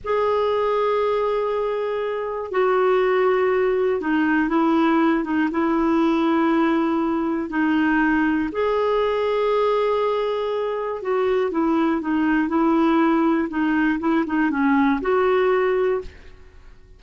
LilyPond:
\new Staff \with { instrumentName = "clarinet" } { \time 4/4 \tempo 4 = 120 gis'1~ | gis'4 fis'2. | dis'4 e'4. dis'8 e'4~ | e'2. dis'4~ |
dis'4 gis'2.~ | gis'2 fis'4 e'4 | dis'4 e'2 dis'4 | e'8 dis'8 cis'4 fis'2 | }